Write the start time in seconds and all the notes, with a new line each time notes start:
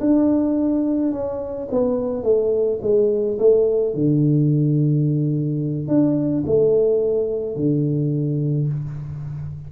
0.00 D4
1.12 C#4
1.71 B3
2.23 A3
2.82 G#3
3.39 A3
3.94 D3
5.88 D4
6.46 A3
7.56 D3